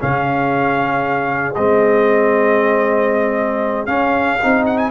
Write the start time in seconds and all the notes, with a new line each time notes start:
0.00 C#3 C#4 G#4 F5
1.55 G#3 C4 D#5
3.86 C#4 F5
4.43 C4 D#4
4.66 F#5
4.78 G#5